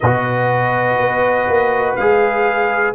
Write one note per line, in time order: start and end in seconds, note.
0.00 0.99 B2
0.00 1.99 F#4
0.00 2.94 B4
0.00 1.94 D#5
0.99 1.48 B3
1.48 1.97 A#3
1.95 2.94 G#3
1.95 2.94 G#4
1.95 2.93 F5